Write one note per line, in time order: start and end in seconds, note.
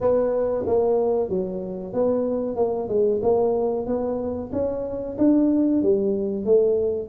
0.00 0.65 B3
0.66 1.29 A#3
1.29 1.93 F#3
1.93 2.56 B3
2.56 2.88 A#3
2.88 3.20 G#3
3.22 3.86 A#3
3.86 4.50 B3
4.52 5.17 C#4
5.18 5.82 D4
5.82 6.45 G3
6.45 7.08 A3